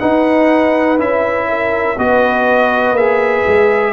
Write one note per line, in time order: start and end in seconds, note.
0.00 0.98 D#4
0.00 0.99 D#4
0.00 1.48 B4
0.00 0.98 F#5
0.98 1.97 C#4
0.98 1.97 E4
0.98 1.99 E5
1.49 1.98 A#4
1.98 2.93 B3
1.98 2.97 F#4
1.98 3.93 B4
1.98 2.96 D#5
2.93 3.42 A#3
2.93 3.93 G#4
2.93 3.93 E5
3.47 3.93 G#3